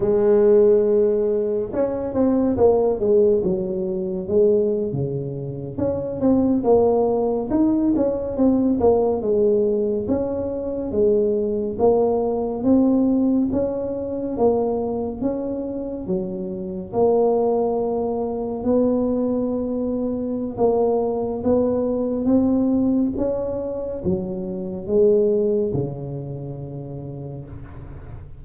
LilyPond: \new Staff \with { instrumentName = "tuba" } { \time 4/4 \tempo 4 = 70 gis2 cis'8 c'8 ais8 gis8 | fis4 gis8. cis4 cis'8 c'8 ais16~ | ais8. dis'8 cis'8 c'8 ais8 gis4 cis'16~ | cis'8. gis4 ais4 c'4 cis'16~ |
cis'8. ais4 cis'4 fis4 ais16~ | ais4.~ ais16 b2~ b16 | ais4 b4 c'4 cis'4 | fis4 gis4 cis2 | }